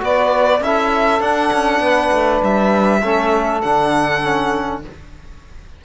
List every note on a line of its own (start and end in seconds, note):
0.00 0.61 B3
0.00 0.60 F#4
0.00 0.62 B4
0.00 0.64 D5
0.61 1.21 C#4
0.61 1.22 E4
0.61 1.82 A4
0.61 1.22 E5
1.21 1.51 D4
1.21 3.02 D4
1.21 2.42 F#5
1.53 1.80 C#4
1.80 2.10 B3
1.80 3.02 B4
2.12 2.42 A3
2.43 3.03 G3
2.43 3.62 E5
3.03 3.63 A3
3.03 3.64 C#4
3.03 4.83 A4
3.62 4.85 D3
3.62 4.22 D4
3.62 4.82 F#5
4.22 4.83 C#4